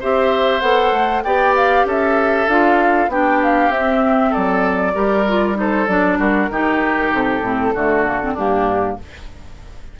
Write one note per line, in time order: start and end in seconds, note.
0.00 0.62 C4
0.00 0.61 G4
0.00 1.24 C5
0.00 0.60 E5
0.60 0.92 B3
0.60 1.23 A4
0.60 1.22 F#5
0.92 1.23 A3
1.24 1.85 B3
1.24 2.49 G4
1.24 1.87 D5
1.24 1.55 G5
1.56 1.87 F5
1.85 2.47 C#4
1.85 3.11 A4
1.85 2.49 E5
2.47 3.08 D4
2.47 3.10 F4
2.47 3.10 F5
3.08 3.69 B3
3.08 3.72 D4
3.08 4.30 G4
3.08 3.42 G5
3.43 3.72 F5
3.69 4.31 C4
3.69 4.94 C4
3.69 4.33 E5
4.30 4.92 A4
4.30 5.57 D5
4.36 4.95 F#3
4.94 5.88 G3
4.94 5.25 G4
4.94 5.57 A#4
5.28 5.54 F4
5.54 5.85 D#4
5.54 6.19 A4
5.54 5.87 C5
5.87 6.19 F#3
5.87 6.51 D4
5.87 6.18 D5
6.19 6.49 G3
6.19 6.49 F#4
6.19 7.13 A#4
6.50 7.12 D#3
6.50 7.43 D#4
6.50 7.74 G4
7.13 7.41 C3
7.13 8.37 A4
7.41 7.72 A2
7.41 7.74 C4
7.74 8.36 D3
7.74 8.06 A3
7.74 8.34 F#4
8.06 8.21 A#3
8.22 8.37 C4
8.34 8.98 G2
8.34 9.00 A#3
8.34 8.96 D4
8.34 8.99 G4